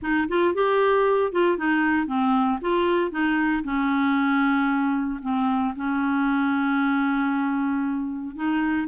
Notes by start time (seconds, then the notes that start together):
0.01 D#4
0.28 F4
0.54 G4
1.32 F4
1.57 D#4
2.07 C4
2.61 F4
3.11 D#4
3.63 C#4
5.22 C4
5.76 C#4
8.35 D#4